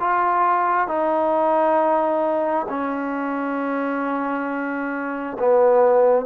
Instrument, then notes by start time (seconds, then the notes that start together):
trombone
0.00 F4
0.87 D#4
2.68 C#4
5.39 B3